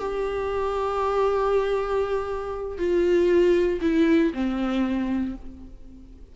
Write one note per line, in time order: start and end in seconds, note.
0.00 2.78 G4
2.78 3.80 F4
3.82 4.33 E4
4.34 5.36 C4